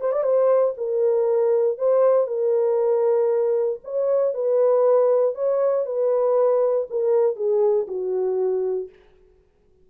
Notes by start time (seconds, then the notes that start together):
0.00 C5
0.12 D5
0.23 C5
0.77 A#4
1.78 C5
2.27 A#4
3.84 C#5
4.34 B4
5.34 C#5
5.85 B4
6.89 A#4
7.35 G#4
7.87 F#4